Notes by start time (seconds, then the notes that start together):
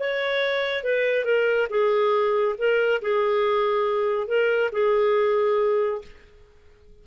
0.00 C#5
0.84 B4
1.25 A#4
1.70 G#4
2.59 A#4
3.02 G#4
4.28 A#4
4.73 G#4